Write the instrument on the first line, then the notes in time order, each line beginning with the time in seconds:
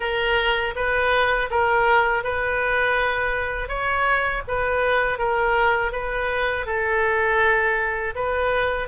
oboe
0.00 A#4
0.75 B4
1.50 A#4
2.23 B4
3.68 C#5
4.47 B4
5.18 A#4
5.92 B4
6.66 A4
8.15 B4